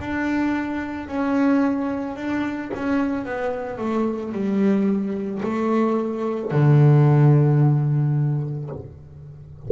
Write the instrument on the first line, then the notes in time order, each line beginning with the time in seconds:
double bass
0.00 D4
1.08 C#4
2.17 D4
2.75 C#4
3.26 B3
3.78 A3
4.32 G3
5.43 A3
6.52 D3